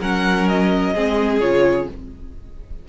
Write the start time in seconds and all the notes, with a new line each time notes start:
0.00 F#3 C#4 A#4 F#5
0.49 D#5
0.94 G#3 C4 G#4
1.41 C#3 F4 C#5